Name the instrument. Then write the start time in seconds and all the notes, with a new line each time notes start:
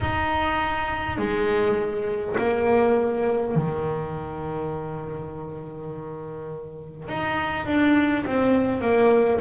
double bass
0.01 D#4
1.18 G#3
2.37 A#3
3.55 D#3
7.08 D#4
7.65 D4
8.25 C4
8.81 A#3